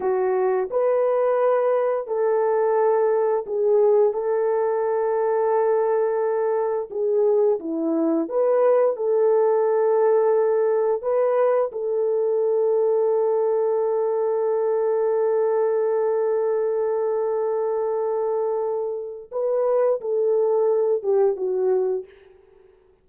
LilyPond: \new Staff \with { instrumentName = "horn" } { \time 4/4 \tempo 4 = 87 fis'4 b'2 a'4~ | a'4 gis'4 a'2~ | a'2 gis'4 e'4 | b'4 a'2. |
b'4 a'2.~ | a'1~ | a'1 | b'4 a'4. g'8 fis'4 | }